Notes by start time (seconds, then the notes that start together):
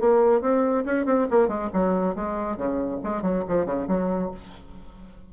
0.00 A#3
0.41 C4
0.85 C#4
1.06 C4
1.30 A#3
1.48 G#3
1.73 F#3
2.15 G#3
2.57 C#3
3.04 G#3
3.22 F#3
3.48 F3
3.65 C#3
3.88 F#3